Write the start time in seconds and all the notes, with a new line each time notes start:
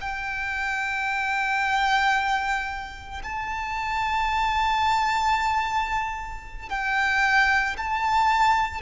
0.00 G5
3.23 A5
6.69 G5
7.77 A5